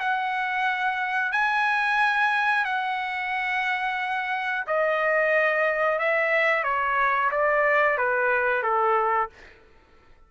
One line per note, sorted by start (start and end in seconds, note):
0.00 1.32 F#5
1.32 2.65 G#5
2.65 4.65 F#5
4.67 5.99 D#5
5.99 6.64 E5
6.64 7.31 C#5
7.32 7.98 D5
7.98 8.63 B4
8.63 9.30 A4